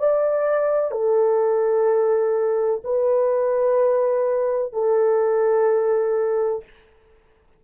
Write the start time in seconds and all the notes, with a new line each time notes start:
0.00 D5
0.91 A4
2.84 B4
4.74 A4